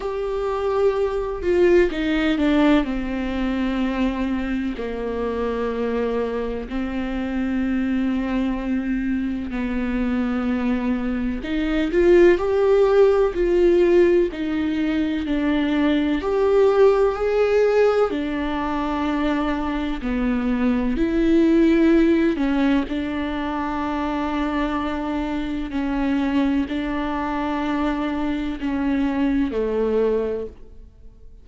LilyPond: \new Staff \with { instrumentName = "viola" } { \time 4/4 \tempo 4 = 63 g'4. f'8 dis'8 d'8 c'4~ | c'4 ais2 c'4~ | c'2 b2 | dis'8 f'8 g'4 f'4 dis'4 |
d'4 g'4 gis'4 d'4~ | d'4 b4 e'4. cis'8 | d'2. cis'4 | d'2 cis'4 a4 | }